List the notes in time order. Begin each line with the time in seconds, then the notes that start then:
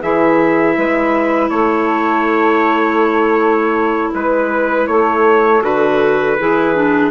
0.00 E3 E4 G#4 E5
0.77 G#3 B4
1.50 A3 A4 C#5
4.14 G#3 B4
4.87 A3 A4 C#5
5.62 D3 F#4 B4
6.38 E3 E4 G#4
6.75 D4